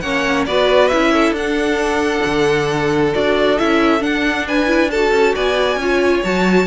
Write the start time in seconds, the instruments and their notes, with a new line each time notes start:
0.00 cello A#3, viola C#4, violin C#5 F#5
0.46 cello B3, viola F#4, violin B4 D5
0.88 cello C#4, viola E4, violin E5
1.13 violin A4
1.31 cello D4, viola D4, violin F#5
2.25 cello D3
3.13 cello D4, viola F#4, violin D5
3.58 cello C#4, viola E4, violin E5
4.00 viola D4, cello D4, violin F#5
4.47 violin B4 G#5
4.67 viola E4
4.91 viola F#4, violin A4 A5
5.11 cello C#4
5.35 cello B3, violin D5 G#5
5.76 cello C#4, viola F4, violin C#5
6.24 cello F#3, viola F#4, violin A5